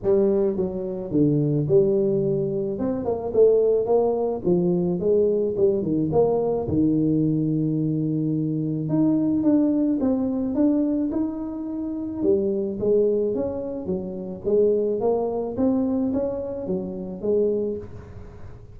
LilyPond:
\new Staff \with { instrumentName = "tuba" } { \time 4/4 \tempo 4 = 108 g4 fis4 d4 g4~ | g4 c'8 ais8 a4 ais4 | f4 gis4 g8 dis8 ais4 | dis1 |
dis'4 d'4 c'4 d'4 | dis'2 g4 gis4 | cis'4 fis4 gis4 ais4 | c'4 cis'4 fis4 gis4 | }